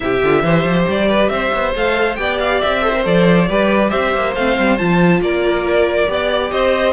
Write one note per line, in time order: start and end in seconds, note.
0.00 0.23 C3
0.00 0.20 E4
0.00 0.43 G4
0.00 0.87 E5
0.23 0.42 D3
0.23 0.44 F4
0.42 0.63 E3
0.42 1.75 G4
0.42 1.08 C5
0.63 0.85 F3
0.87 1.29 G3
0.87 1.28 D5
1.08 1.30 B4
1.28 1.51 C4
1.28 2.19 C5
1.28 1.72 E5
1.53 1.75 B3
1.75 2.18 A3
1.75 2.17 A4
1.75 2.15 F5
2.15 2.62 B3
2.15 2.81 G4
2.15 2.83 D5
2.15 2.37 G5
2.39 2.61 F5
2.61 3.05 C4
2.61 3.04 E5
2.81 2.92 A4
2.81 3.48 C5
2.94 3.03 A#4
3.03 3.49 F3
3.03 3.46 A4
3.03 3.89 D5
3.49 3.92 G3
3.49 4.36 G4
3.49 3.90 B4
3.89 4.15 C4
3.89 5.20 C5
3.89 4.33 E5
4.15 4.36 A#3
4.35 4.57 A3
4.35 4.78 C4
4.35 4.77 F5
4.58 4.80 G3
4.77 5.21 F3
4.77 6.07 F4
4.77 5.21 A5
5.21 6.08 A#3
5.21 6.10 A#4
5.21 6.51 D5
6.07 6.51 B3
6.07 6.93 G4
6.07 6.52 D5
6.51 6.93 C4
6.51 6.93 C5
6.51 6.93 D#5